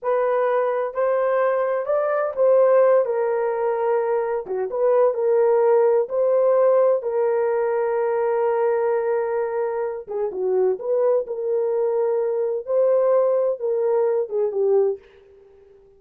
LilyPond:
\new Staff \with { instrumentName = "horn" } { \time 4/4 \tempo 4 = 128 b'2 c''2 | d''4 c''4. ais'4.~ | ais'4. fis'8 b'4 ais'4~ | ais'4 c''2 ais'4~ |
ais'1~ | ais'4. gis'8 fis'4 b'4 | ais'2. c''4~ | c''4 ais'4. gis'8 g'4 | }